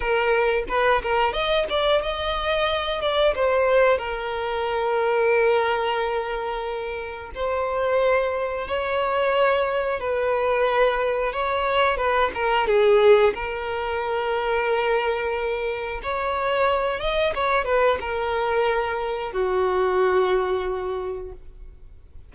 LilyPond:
\new Staff \with { instrumentName = "violin" } { \time 4/4 \tempo 4 = 90 ais'4 b'8 ais'8 dis''8 d''8 dis''4~ | dis''8 d''8 c''4 ais'2~ | ais'2. c''4~ | c''4 cis''2 b'4~ |
b'4 cis''4 b'8 ais'8 gis'4 | ais'1 | cis''4. dis''8 cis''8 b'8 ais'4~ | ais'4 fis'2. | }